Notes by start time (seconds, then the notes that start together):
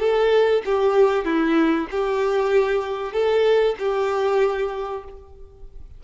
0.00 A4
0.65 G4
1.25 E4
1.91 G4
3.13 A4
3.79 G4